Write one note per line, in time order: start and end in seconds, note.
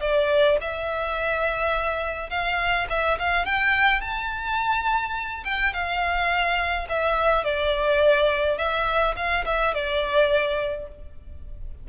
0.00 0.57 D5
0.61 2.29 E5
2.29 2.86 F5
2.89 3.18 E5
3.19 3.45 F5
3.45 4.01 G5
4.01 5.43 A5
5.44 5.73 G5
5.73 6.87 F5
6.89 7.44 E5
7.44 8.57 D5
8.57 9.15 E5
9.16 9.44 F5
9.45 9.74 E5
9.74 10.88 D5